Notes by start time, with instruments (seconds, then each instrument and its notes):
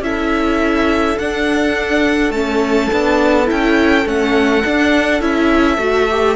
0.00 cello C#4, viola E4, violin A4 E5
1.18 cello D4, viola D4, violin F#5
2.30 cello A3, viola C#4, violin A5
2.92 cello B3, viola D4
3.46 cello C#4, viola E4, violin G5
4.05 cello A3, viola C#4, violin F#5
4.64 viola D4, cello D4
5.20 cello C#4, viola E4, violin E5
5.77 cello A3, viola F#4
6.10 viola G4